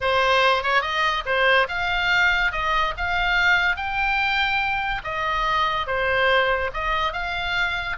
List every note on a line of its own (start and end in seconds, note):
0.01 0.62 C5
0.62 0.81 C#5
0.81 1.23 D#5
1.25 1.67 C5
1.68 2.52 F5
2.52 2.94 D#5
2.97 3.76 F5
3.76 5.02 G5
5.03 5.86 D#5
5.86 6.70 C5
6.73 7.12 D#5
7.12 7.96 F5